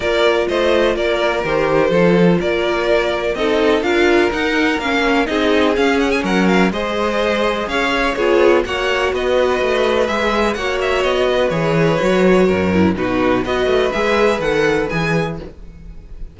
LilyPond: <<
  \new Staff \with { instrumentName = "violin" } { \time 4/4 \tempo 4 = 125 d''4 dis''4 d''4 c''4~ | c''4 d''2 dis''4 | f''4 fis''4 f''4 dis''4 | f''8 fis''16 gis''16 fis''8 f''8 dis''2 |
f''4 cis''4 fis''4 dis''4~ | dis''4 e''4 fis''8 e''8 dis''4 | cis''2. b'4 | dis''4 e''4 fis''4 gis''4 | }
  \new Staff \with { instrumentName = "violin" } { \time 4/4 ais'4 c''4 ais'2 | a'4 ais'2 a'4 | ais'2. gis'4~ | gis'4 ais'4 c''2 |
cis''4 gis'4 cis''4 b'4~ | b'2 cis''4. b'8~ | b'2 ais'4 fis'4 | b'1 | }
  \new Staff \with { instrumentName = "viola" } { \time 4/4 f'2. g'4 | f'2. dis'4 | f'4 dis'4 cis'4 dis'4 | cis'2 gis'2~ |
gis'4 f'4 fis'2~ | fis'4 gis'4 fis'2 | gis'4 fis'4. e'8 dis'4 | fis'4 gis'4 a'4 gis'4 | }
  \new Staff \with { instrumentName = "cello" } { \time 4/4 ais4 a4 ais4 dis4 | f4 ais2 c'4 | d'4 dis'4 ais4 c'4 | cis'4 fis4 gis2 |
cis'4 b4 ais4 b4 | a4 gis4 ais4 b4 | e4 fis4 fis,4 b,4 | b8 a8 gis4 dis4 e4 | }
>>